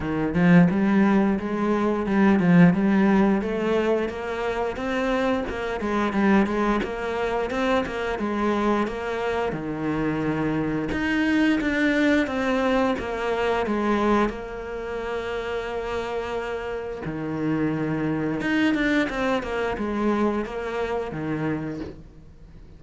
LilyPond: \new Staff \with { instrumentName = "cello" } { \time 4/4 \tempo 4 = 88 dis8 f8 g4 gis4 g8 f8 | g4 a4 ais4 c'4 | ais8 gis8 g8 gis8 ais4 c'8 ais8 | gis4 ais4 dis2 |
dis'4 d'4 c'4 ais4 | gis4 ais2.~ | ais4 dis2 dis'8 d'8 | c'8 ais8 gis4 ais4 dis4 | }